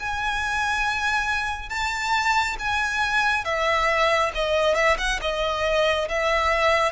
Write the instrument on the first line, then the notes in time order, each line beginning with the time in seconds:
violin
0.00 G#5
1.70 A5
2.59 G#5
3.45 E5
4.35 D#5
4.75 E5
4.98 F#5
5.22 D#5
6.09 E5